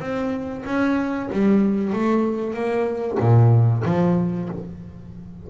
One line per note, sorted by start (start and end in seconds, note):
0.00 0.64 C4
0.65 1.29 C#4
1.32 1.93 G3
1.93 2.54 A3
2.54 3.18 A#3
3.20 3.84 A#2
3.86 4.49 F3